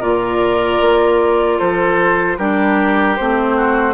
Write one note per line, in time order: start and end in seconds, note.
0.00 0.81 A#2
0.00 2.38 F4
0.00 1.58 A#4
0.00 1.59 D5
0.81 1.60 A#3
1.58 2.38 F3
1.58 2.37 A4
1.58 2.38 C5
2.38 3.17 G3
2.38 3.18 D4
2.38 3.56 G4
2.38 3.16 A#4
3.16 3.94 A3
3.16 3.94 C4
3.16 3.94 C5
3.56 3.94 F#4